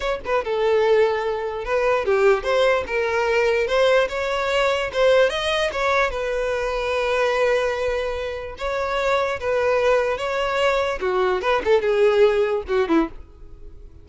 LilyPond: \new Staff \with { instrumentName = "violin" } { \time 4/4 \tempo 4 = 147 cis''8 b'8 a'2. | b'4 g'4 c''4 ais'4~ | ais'4 c''4 cis''2 | c''4 dis''4 cis''4 b'4~ |
b'1~ | b'4 cis''2 b'4~ | b'4 cis''2 fis'4 | b'8 a'8 gis'2 fis'8 e'8 | }